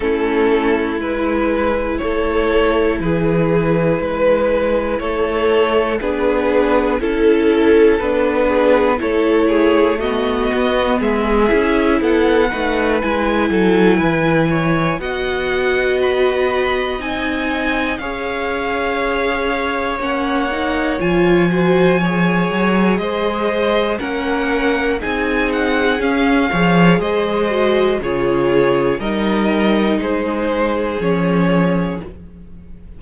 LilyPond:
<<
  \new Staff \with { instrumentName = "violin" } { \time 4/4 \tempo 4 = 60 a'4 b'4 cis''4 b'4~ | b'4 cis''4 b'4 a'4 | b'4 cis''4 dis''4 e''4 | fis''4 gis''2 fis''4 |
b''4 gis''4 f''2 | fis''4 gis''2 dis''4 | fis''4 gis''8 fis''8 f''4 dis''4 | cis''4 dis''4 c''4 cis''4 | }
  \new Staff \with { instrumentName = "violin" } { \time 4/4 e'2 a'4 gis'4 | b'4 a'4 gis'4 a'4~ | a'8 gis'8 a'8 gis'8 fis'4 gis'4 | a'8 b'4 a'8 b'8 cis''8 dis''4~ |
dis''2 cis''2~ | cis''4. c''8 cis''4 c''4 | ais'4 gis'4. cis''8 c''4 | gis'4 ais'4 gis'2 | }
  \new Staff \with { instrumentName = "viola" } { \time 4/4 cis'4 e'2.~ | e'2 d'4 e'4 | d'4 e'4 b4. e'8~ | e'8 dis'8 e'2 fis'4~ |
fis'4 dis'4 gis'2 | cis'8 dis'8 f'8 fis'8 gis'2 | cis'4 dis'4 cis'8 gis'4 fis'8 | f'4 dis'2 cis'4 | }
  \new Staff \with { instrumentName = "cello" } { \time 4/4 a4 gis4 a4 e4 | gis4 a4 b4 cis'4 | b4 a4. b8 gis8 cis'8 | b8 a8 gis8 fis8 e4 b4~ |
b4 c'4 cis'2 | ais4 f4. fis8 gis4 | ais4 c'4 cis'8 f8 gis4 | cis4 g4 gis4 f4 | }
>>